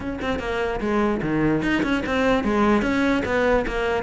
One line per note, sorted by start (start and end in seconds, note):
0.00 0.19 C#4
0.21 0.39 C4
0.39 0.79 A#3
0.80 1.21 G#3
1.22 1.62 D#3
1.62 1.82 D#4
1.83 2.03 C#4
2.06 2.44 C4
2.44 2.82 G#3
2.82 3.22 C#4
3.25 3.65 B3
3.67 4.03 A#3